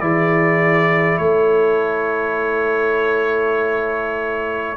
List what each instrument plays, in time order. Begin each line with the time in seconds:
0.00 tuba E3, trombone E4, horn G#4, trumpet D5
1.18 tuba A3, horn A4, trumpet C#5